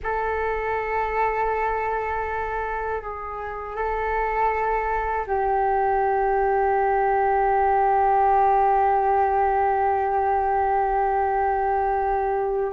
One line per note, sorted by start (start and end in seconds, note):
0.03 3.01 A4
3.01 3.75 G#4
3.75 5.25 A4
5.26 12.72 G4